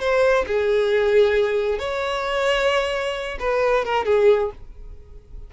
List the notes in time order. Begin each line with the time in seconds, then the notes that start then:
0.00 C5
0.47 G#4
1.79 C#5
3.40 B4
3.85 A#4
4.05 G#4